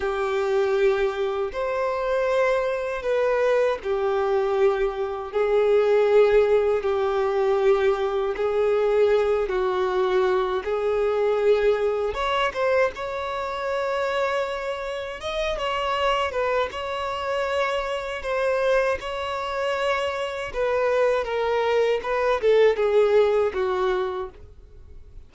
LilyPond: \new Staff \with { instrumentName = "violin" } { \time 4/4 \tempo 4 = 79 g'2 c''2 | b'4 g'2 gis'4~ | gis'4 g'2 gis'4~ | gis'8 fis'4. gis'2 |
cis''8 c''8 cis''2. | dis''8 cis''4 b'8 cis''2 | c''4 cis''2 b'4 | ais'4 b'8 a'8 gis'4 fis'4 | }